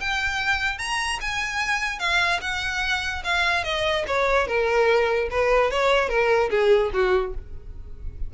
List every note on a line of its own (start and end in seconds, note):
0.00 0.79 G5
0.79 1.19 A#5
1.21 1.99 G#5
1.99 2.40 F5
2.41 3.23 F#5
3.24 3.64 F5
3.64 4.05 D#5
4.07 4.47 C#5
4.47 5.29 A#4
5.31 5.71 B4
5.71 6.09 C#5
6.09 6.50 A#4
6.50 6.91 G#4
6.93 7.34 F#4